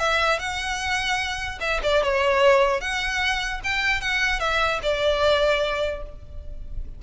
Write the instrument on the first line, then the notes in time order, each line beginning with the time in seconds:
violin
0.00 E5
0.40 F#5
1.61 E5
1.83 D5
2.03 C#5
2.81 F#5
3.64 G5
4.01 F#5
4.40 E5
4.83 D5